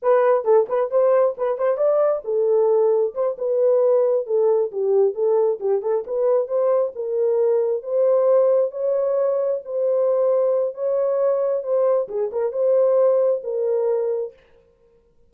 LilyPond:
\new Staff \with { instrumentName = "horn" } { \time 4/4 \tempo 4 = 134 b'4 a'8 b'8 c''4 b'8 c''8 | d''4 a'2 c''8 b'8~ | b'4. a'4 g'4 a'8~ | a'8 g'8 a'8 b'4 c''4 ais'8~ |
ais'4. c''2 cis''8~ | cis''4. c''2~ c''8 | cis''2 c''4 gis'8 ais'8 | c''2 ais'2 | }